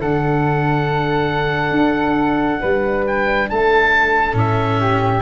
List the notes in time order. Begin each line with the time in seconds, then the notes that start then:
0.00 D3 D4 A4 F#5
1.71 D4
2.60 G3 B4
3.07 G5
3.49 A3 A4 A5
4.32 A2 C#4 E5
4.80 G4